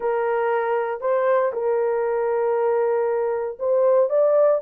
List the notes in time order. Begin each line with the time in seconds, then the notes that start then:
0.00 A#4
1.00 C5
1.52 A#4
3.59 C5
4.09 D5